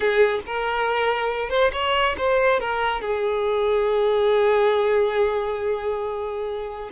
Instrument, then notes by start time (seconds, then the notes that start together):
violin
0.00 G#4
0.46 A#4
1.49 C5
1.72 C#5
2.17 C5
2.59 A#4
3.01 G#4